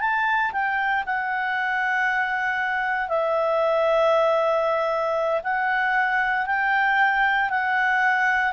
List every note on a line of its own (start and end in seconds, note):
0.00 0.52 A5
0.52 1.04 G5
1.06 3.08 F#5
3.08 5.41 E5
5.44 6.46 F#5
6.46 7.50 G5
7.50 8.53 F#5